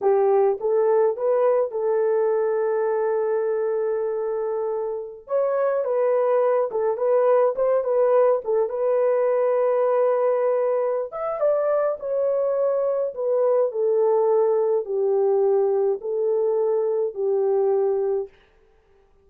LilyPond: \new Staff \with { instrumentName = "horn" } { \time 4/4 \tempo 4 = 105 g'4 a'4 b'4 a'4~ | a'1~ | a'4~ a'16 cis''4 b'4. a'16~ | a'16 b'4 c''8 b'4 a'8 b'8.~ |
b'2.~ b'8 e''8 | d''4 cis''2 b'4 | a'2 g'2 | a'2 g'2 | }